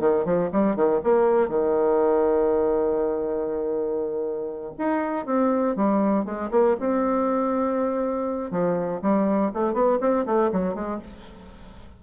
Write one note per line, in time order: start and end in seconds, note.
0.00 0.25 D#3
0.25 0.50 F3
0.52 0.76 G3
0.76 1.01 D#3
1.04 1.49 A#3
1.49 4.74 D#3
4.78 5.26 D#4
5.26 5.76 C4
5.76 6.25 G3
6.25 6.50 G#3
6.51 6.76 A#3
6.80 8.51 C4
8.51 9.01 F3
9.02 9.52 G3
9.54 9.74 A3
9.74 9.99 B3
10.00 10.25 C4
10.26 10.51 A3
10.52 10.74 F#3
10.74 10.99 G#3